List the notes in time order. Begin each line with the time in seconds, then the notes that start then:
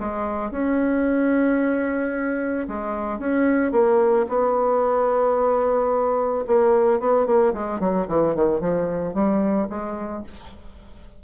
0.00 G#3
0.51 C#4
2.68 G#3
3.19 C#4
3.72 A#3
4.29 B3
6.47 A#3
7.00 B3
7.26 A#3
7.54 G#3
7.80 F#3
8.08 E3
8.35 D#3
8.60 F3
9.14 G3
9.70 G#3